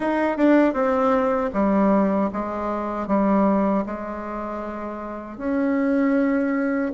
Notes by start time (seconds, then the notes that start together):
0.00 D#4
0.37 D4
0.73 C4
1.53 G3
2.32 G#3
3.07 G3
3.85 G#3
5.37 C#4